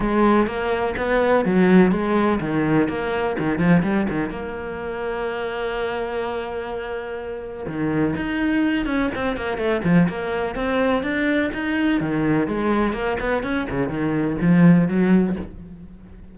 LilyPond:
\new Staff \with { instrumentName = "cello" } { \time 4/4 \tempo 4 = 125 gis4 ais4 b4 fis4 | gis4 dis4 ais4 dis8 f8 | g8 dis8 ais2.~ | ais1 |
dis4 dis'4. cis'8 c'8 ais8 | a8 f8 ais4 c'4 d'4 | dis'4 dis4 gis4 ais8 b8 | cis'8 cis8 dis4 f4 fis4 | }